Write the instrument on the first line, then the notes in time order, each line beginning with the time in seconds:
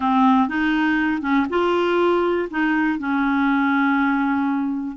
clarinet
0.00 C4
0.48 D#4
1.21 C#4
1.49 F4
2.50 D#4
2.98 C#4